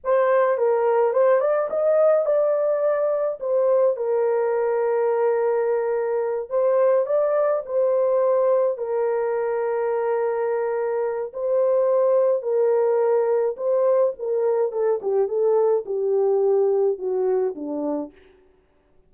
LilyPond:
\new Staff \with { instrumentName = "horn" } { \time 4/4 \tempo 4 = 106 c''4 ais'4 c''8 d''8 dis''4 | d''2 c''4 ais'4~ | ais'2.~ ais'8 c''8~ | c''8 d''4 c''2 ais'8~ |
ais'1 | c''2 ais'2 | c''4 ais'4 a'8 g'8 a'4 | g'2 fis'4 d'4 | }